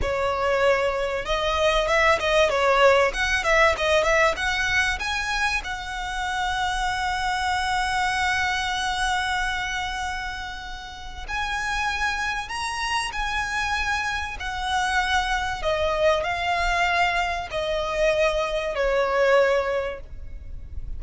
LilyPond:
\new Staff \with { instrumentName = "violin" } { \time 4/4 \tempo 4 = 96 cis''2 dis''4 e''8 dis''8 | cis''4 fis''8 e''8 dis''8 e''8 fis''4 | gis''4 fis''2.~ | fis''1~ |
fis''2 gis''2 | ais''4 gis''2 fis''4~ | fis''4 dis''4 f''2 | dis''2 cis''2 | }